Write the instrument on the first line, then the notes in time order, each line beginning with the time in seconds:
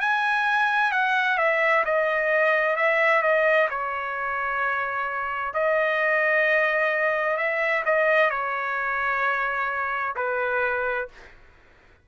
trumpet
0.00 G#5
0.91 F#5
1.38 E5
1.85 D#5
2.76 E5
3.22 D#5
3.69 C#5
5.53 D#5
7.37 E5
7.85 D#5
8.30 C#5
10.15 B4